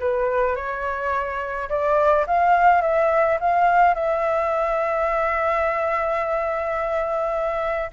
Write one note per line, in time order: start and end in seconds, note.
0.00 0.56 B4
0.56 1.69 C#5
1.69 2.26 D5
2.27 2.82 F5
2.82 3.39 E5
3.41 3.95 F5
3.95 7.91 E5